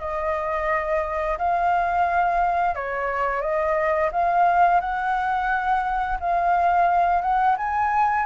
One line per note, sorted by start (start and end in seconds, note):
0.00 1.38 D#5
1.39 2.76 F5
2.76 3.41 C#5
3.41 4.10 D#5
4.12 4.81 F5
4.81 6.19 F#5
6.20 7.22 F5
7.22 7.56 F#5
7.58 8.26 G#5